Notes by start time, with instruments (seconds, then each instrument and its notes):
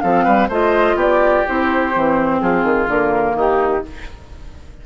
0.00 bassoon F3, clarinet C4, oboe A4, flute F5
0.24 bassoon G3, oboe B4
0.48 bassoon A3, clarinet F4, oboe C5, flute D#5
0.95 bassoon B3, oboe G4, flute D5
1.46 bassoon C4, clarinet E4, flute C5
1.92 bassoon E3, clarinet C4
2.40 bassoon F3, oboe F4, flute G#4
2.63 bassoon D#3
2.87 bassoon D3, clarinet A#3, flute A#4
3.34 bassoon D#3, oboe D#4, flute G4